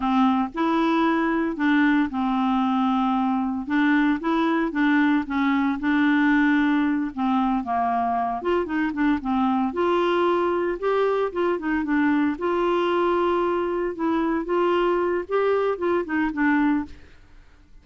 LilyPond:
\new Staff \with { instrumentName = "clarinet" } { \time 4/4 \tempo 4 = 114 c'4 e'2 d'4 | c'2. d'4 | e'4 d'4 cis'4 d'4~ | d'4. c'4 ais4. |
f'8 dis'8 d'8 c'4 f'4.~ | f'8 g'4 f'8 dis'8 d'4 f'8~ | f'2~ f'8 e'4 f'8~ | f'4 g'4 f'8 dis'8 d'4 | }